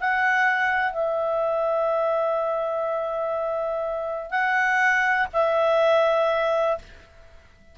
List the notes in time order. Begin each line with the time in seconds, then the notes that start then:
0.00 F#5
0.93 E5
4.31 F#5
5.33 E5